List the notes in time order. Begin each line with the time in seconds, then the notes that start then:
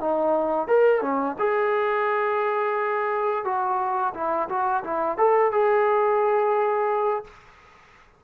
0.00 D#4
0.67 A#4
1.02 C#4
1.38 G#4
3.44 F#4
4.14 E4
4.49 F#4
4.83 E4
5.18 A4
5.52 G#4